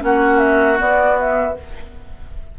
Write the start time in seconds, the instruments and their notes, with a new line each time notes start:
0.00 bassoon A#3, clarinet C#4, oboe F#4, flute F#5
0.39 flute E5
0.78 clarinet B3, bassoon B3, flute D5
1.19 flute E5